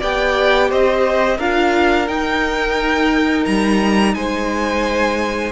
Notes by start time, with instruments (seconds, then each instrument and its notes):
0.00 cello B3, viola G4, violin D5 G5
0.69 cello C4, violin C5 D#5
1.38 cello D4, viola F4, violin A#4 F5
2.08 viola D#4, cello D#4, violin G5
3.45 cello G3, violin A#5
4.15 cello G#3, violin C5 G#5